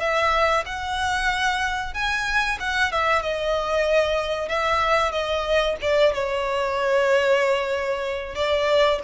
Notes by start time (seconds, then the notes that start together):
0.00 E5
0.66 F#5
1.94 G#5
2.60 F#5
2.92 E5
3.22 D#5
4.49 E5
5.12 D#5
5.82 D5
6.14 C#5
8.35 D5